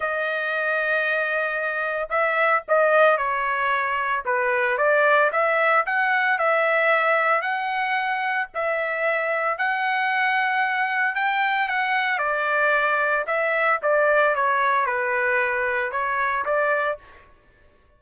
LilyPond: \new Staff \with { instrumentName = "trumpet" } { \time 4/4 \tempo 4 = 113 dis''1 | e''4 dis''4 cis''2 | b'4 d''4 e''4 fis''4 | e''2 fis''2 |
e''2 fis''2~ | fis''4 g''4 fis''4 d''4~ | d''4 e''4 d''4 cis''4 | b'2 cis''4 d''4 | }